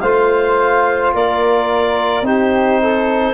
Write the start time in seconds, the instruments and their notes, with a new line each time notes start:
0.00 tuba A3, trombone F4, flute C5, clarinet F5
1.13 tuba A#3, flute A#4, clarinet D5
2.22 tuba C4, trombone D#4, flute G4, clarinet C5
2.82 flute A4